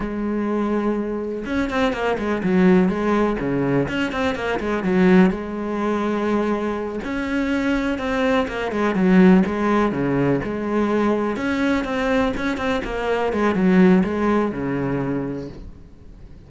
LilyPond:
\new Staff \with { instrumentName = "cello" } { \time 4/4 \tempo 4 = 124 gis2. cis'8 c'8 | ais8 gis8 fis4 gis4 cis4 | cis'8 c'8 ais8 gis8 fis4 gis4~ | gis2~ gis8 cis'4.~ |
cis'8 c'4 ais8 gis8 fis4 gis8~ | gis8 cis4 gis2 cis'8~ | cis'8 c'4 cis'8 c'8 ais4 gis8 | fis4 gis4 cis2 | }